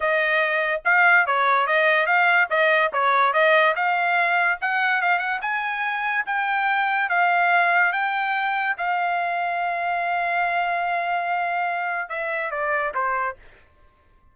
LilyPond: \new Staff \with { instrumentName = "trumpet" } { \time 4/4 \tempo 4 = 144 dis''2 f''4 cis''4 | dis''4 f''4 dis''4 cis''4 | dis''4 f''2 fis''4 | f''8 fis''8 gis''2 g''4~ |
g''4 f''2 g''4~ | g''4 f''2.~ | f''1~ | f''4 e''4 d''4 c''4 | }